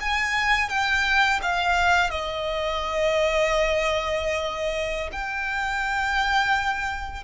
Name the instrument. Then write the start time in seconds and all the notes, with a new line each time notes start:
violin
0.00 G#5
0.69 G5
1.42 F5
2.10 D#5
5.12 G5